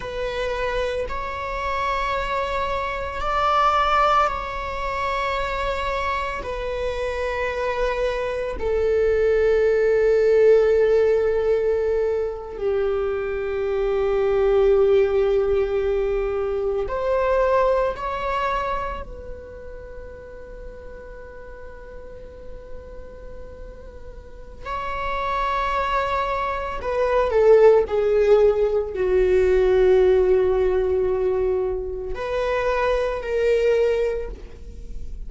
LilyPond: \new Staff \with { instrumentName = "viola" } { \time 4/4 \tempo 4 = 56 b'4 cis''2 d''4 | cis''2 b'2 | a'2.~ a'8. g'16~ | g'2.~ g'8. c''16~ |
c''8. cis''4 b'2~ b'16~ | b'2. cis''4~ | cis''4 b'8 a'8 gis'4 fis'4~ | fis'2 b'4 ais'4 | }